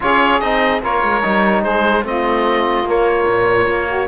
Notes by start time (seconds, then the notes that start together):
0.00 C#4 F4 G#4 C#5
0.40 C4 D#4 D#5
0.82 A#3 F4 A#4 C#5
1.02 G#3
1.22 G3 D#4
1.62 G#3 G#4 C5
2.04 A3 C4 F4 D#5
2.84 A#3 C#5
3.26 A#2
3.67 A#3
3.86 F#4